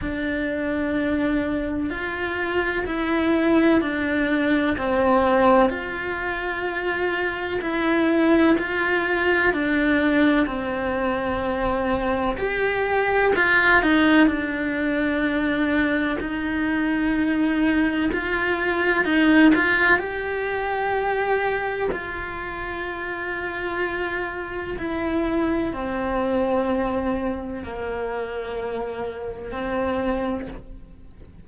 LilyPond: \new Staff \with { instrumentName = "cello" } { \time 4/4 \tempo 4 = 63 d'2 f'4 e'4 | d'4 c'4 f'2 | e'4 f'4 d'4 c'4~ | c'4 g'4 f'8 dis'8 d'4~ |
d'4 dis'2 f'4 | dis'8 f'8 g'2 f'4~ | f'2 e'4 c'4~ | c'4 ais2 c'4 | }